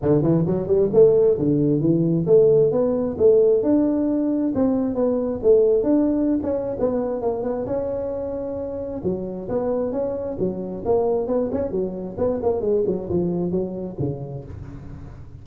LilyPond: \new Staff \with { instrumentName = "tuba" } { \time 4/4 \tempo 4 = 133 d8 e8 fis8 g8 a4 d4 | e4 a4 b4 a4 | d'2 c'4 b4 | a4 d'4~ d'16 cis'8. b4 |
ais8 b8 cis'2. | fis4 b4 cis'4 fis4 | ais4 b8 cis'8 fis4 b8 ais8 | gis8 fis8 f4 fis4 cis4 | }